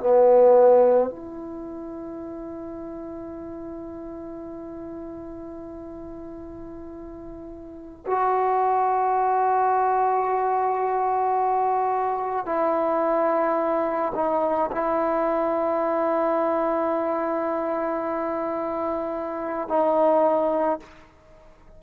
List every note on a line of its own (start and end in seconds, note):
0.00 1.11 B3
1.11 8.05 E4
8.07 12.46 F#4
12.46 14.13 E4
14.15 14.71 D#4
14.72 19.69 E4
19.69 20.80 D#4